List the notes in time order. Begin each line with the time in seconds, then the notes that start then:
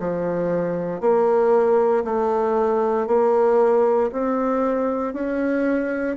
0.00 F3
1.01 A#3
2.05 A3
3.08 A#3
4.13 C4
5.14 C#4